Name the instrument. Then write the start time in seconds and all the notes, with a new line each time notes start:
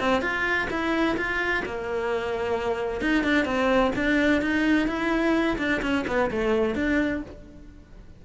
cello
0.00 C4
0.22 F4
0.71 E4
1.18 F4
1.65 A#3
3.01 D#4
3.24 D4
3.45 C4
3.96 D4
4.42 D#4
4.88 E4
5.58 D4
5.82 C#4
6.07 B3
6.31 A3
6.75 D4